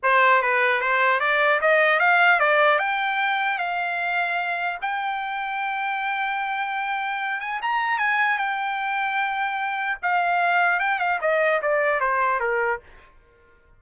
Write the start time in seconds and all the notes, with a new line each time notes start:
0.02 C5
0.41 B4
0.80 C5
1.20 D5
1.61 D#5
1.99 F5
2.39 D5
2.79 G5
3.58 F5
4.81 G5
7.40 G#5
7.61 A#5
7.98 G#5
8.38 G5
10.02 F5
10.79 G5
10.99 F5
11.21 D#5
11.61 D5
12.00 C5
12.40 A#4